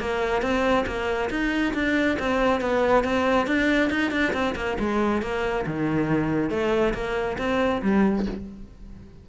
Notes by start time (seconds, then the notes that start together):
0.00 A#3
0.42 C4
0.86 A#3
1.30 D#4
1.74 D4
2.19 C4
2.61 B3
3.04 C4
3.47 D4
3.90 D#4
4.11 D4
4.33 C4
4.56 A#3
4.79 G#3
5.22 A#3
5.66 D#3
6.50 A3
6.94 A#3
7.38 C4
7.82 G3